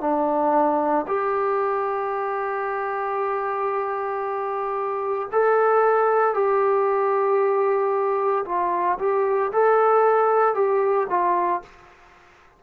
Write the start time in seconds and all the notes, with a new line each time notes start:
0.00 D4
1.07 G4
5.32 A4
6.34 G4
8.45 F4
8.99 G4
9.52 A4
10.55 G4
11.10 F4